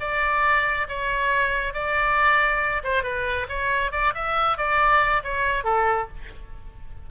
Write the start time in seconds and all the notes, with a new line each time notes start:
0.00 D5
0.89 C#5
1.74 D5
2.84 C5
3.03 B4
3.49 C#5
3.92 D5
4.14 E5
4.58 D5
5.24 C#5
5.64 A4